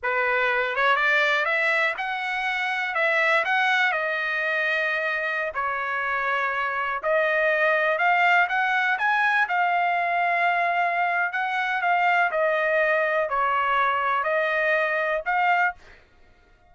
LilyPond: \new Staff \with { instrumentName = "trumpet" } { \time 4/4 \tempo 4 = 122 b'4. cis''8 d''4 e''4 | fis''2 e''4 fis''4 | dis''2.~ dis''16 cis''8.~ | cis''2~ cis''16 dis''4.~ dis''16~ |
dis''16 f''4 fis''4 gis''4 f''8.~ | f''2. fis''4 | f''4 dis''2 cis''4~ | cis''4 dis''2 f''4 | }